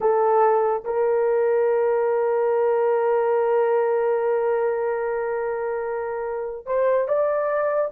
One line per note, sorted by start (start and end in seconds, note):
0.00 0.84 A4
0.84 6.66 A#4
6.66 7.07 C5
7.08 7.91 D5